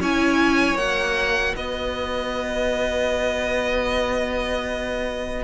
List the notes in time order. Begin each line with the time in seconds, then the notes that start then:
0.00 C#4 E4 C#5 G#5
0.74 A#3 F#4 F#5
1.55 B3 B4 D#5